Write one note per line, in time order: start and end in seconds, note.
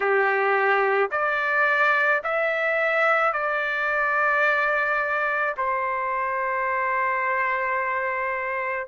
0.00 1.10 G4
1.11 2.22 D5
2.23 3.32 E5
3.32 5.55 D5
5.57 8.88 C5